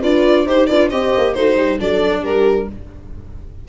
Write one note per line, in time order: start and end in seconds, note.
0.00 0.46 D4
0.00 0.46 F4
0.00 0.44 B4
0.00 0.48 D5
0.44 0.68 D#4
0.44 0.69 G4
0.44 0.67 C5
0.44 0.66 C5
0.66 0.91 D4
0.66 0.91 F4
0.66 0.89 B4
0.66 0.89 D5
0.89 1.13 C4
0.89 1.35 G4
0.89 1.34 C5
0.89 1.34 D#5
1.17 1.36 A#3
1.34 1.56 A3
1.34 1.78 D#4
1.34 1.57 F#4
1.34 1.78 C5
1.56 1.78 G3
1.56 1.79 G4
1.78 2.23 F#3
1.78 2.67 D4
1.78 2.21 A4
1.78 2.24 D5
2.21 2.67 G3
2.21 2.65 G4
2.21 2.68 A#4